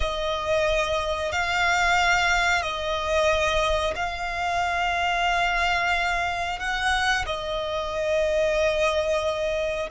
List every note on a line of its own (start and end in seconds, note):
0.00 1.32 D#5
1.32 2.62 F5
2.62 3.94 D#5
3.95 6.59 F5
6.59 7.25 F#5
7.26 9.89 D#5